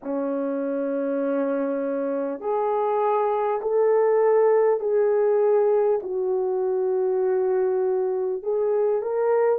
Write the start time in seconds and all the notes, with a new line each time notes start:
0.03 C#4
2.40 G#4
3.61 A4
4.79 G#4
6.02 F#4
8.42 G#4
9.02 A#4